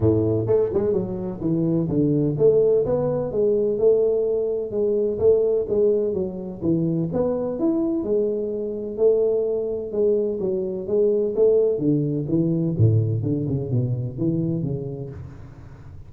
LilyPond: \new Staff \with { instrumentName = "tuba" } { \time 4/4 \tempo 4 = 127 a,4 a8 gis8 fis4 e4 | d4 a4 b4 gis4 | a2 gis4 a4 | gis4 fis4 e4 b4 |
e'4 gis2 a4~ | a4 gis4 fis4 gis4 | a4 d4 e4 a,4 | d8 cis8 b,4 e4 cis4 | }